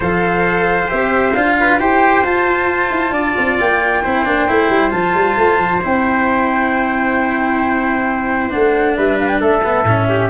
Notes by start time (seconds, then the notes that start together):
0.00 F3 A4 C5 F5
0.87 C4 G4 E5
1.34 D4 F4 F5
1.59 B4
1.79 E4 G4 C5 G5
2.23 F4 A5
2.91 E4
3.11 D4 D5
3.37 C4
3.59 A#3 G5
4.03 C4 E4 C5
4.25 A#3 D4
4.47 A3 E4
4.69 G3
4.90 F3 F4 A5
5.14 G3
5.36 A3
5.58 F3
5.81 C4 E4 G5
8.49 A3 D4 F#5
8.96 G3 B4 E5
9.19 F5
9.27 G5
9.40 A3 A4 E5
9.63 B3
9.83 A2 C#4
10.08 G4